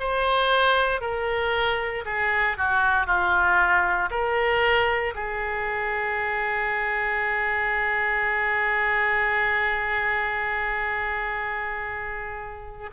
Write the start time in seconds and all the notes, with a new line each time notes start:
0.00 C5
1.02 A#4
2.06 G#4
2.58 F#4
3.07 F4
4.11 A#4
5.15 G#4